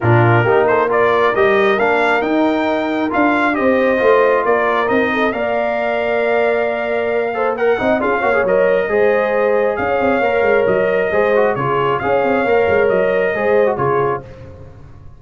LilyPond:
<<
  \new Staff \with { instrumentName = "trumpet" } { \time 4/4 \tempo 4 = 135 ais'4. c''8 d''4 dis''4 | f''4 g''2 f''4 | dis''2 d''4 dis''4 | f''1~ |
f''4 fis''4 f''4 dis''4~ | dis''2 f''2 | dis''2 cis''4 f''4~ | f''4 dis''2 cis''4 | }
  \new Staff \with { instrumentName = "horn" } { \time 4/4 f'4 g'8 a'8 ais'2~ | ais'1 | c''2 ais'4. a'8 | d''1~ |
d''8 c''8 ais'8 dis''8 gis'8 cis''4. | c''2 cis''2~ | cis''4 c''4 gis'4 cis''4~ | cis''2 c''4 gis'4 | }
  \new Staff \with { instrumentName = "trombone" } { \time 4/4 d'4 dis'4 f'4 g'4 | d'4 dis'2 f'4 | g'4 f'2 dis'4 | ais'1~ |
ais'8 a'8 ais'8 dis'8 f'8 fis'16 gis'16 ais'4 | gis'2. ais'4~ | ais'4 gis'8 fis'8 f'4 gis'4 | ais'2 gis'8. fis'16 f'4 | }
  \new Staff \with { instrumentName = "tuba" } { \time 4/4 ais,4 ais2 g4 | ais4 dis'2 d'4 | c'4 a4 ais4 c'4 | ais1~ |
ais4. c'8 cis'8 ais8 fis4 | gis2 cis'8 c'8 ais8 gis8 | fis4 gis4 cis4 cis'8 c'8 | ais8 gis8 fis4 gis4 cis4 | }
>>